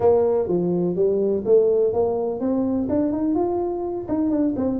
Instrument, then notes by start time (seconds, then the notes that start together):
tuba
0.00 A#3
0.48 F3
0.95 G3
1.45 A3
1.93 A#3
2.40 C4
2.89 D4
3.12 D#4
3.34 F4
4.08 D#4
4.30 D4
4.56 C4